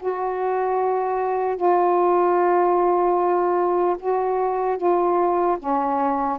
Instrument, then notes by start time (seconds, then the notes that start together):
saxophone
0.00 F#4
1.57 F4
4.00 F#4
4.78 F4
5.59 C#4